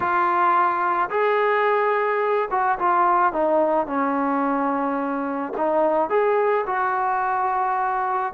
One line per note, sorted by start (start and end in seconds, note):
0.00 1.09 F4
1.10 2.48 G#4
2.50 2.78 F#4
2.79 3.32 F4
3.32 3.86 D#4
3.86 5.53 C#4
5.57 6.09 D#4
6.09 6.65 G#4
6.66 8.33 F#4